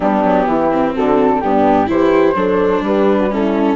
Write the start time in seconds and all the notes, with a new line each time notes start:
0.00 G3 B3 D4 G4
0.24 F#3
0.46 E3 E4
0.71 C4
0.94 D3 F#4 A4
1.40 G2 B3 D4 G4
1.86 E3 E4 G4 C5
2.34 F#3 D4 A4
2.81 G3 G4 B4
3.19 F#4
3.30 C#4 E4 A4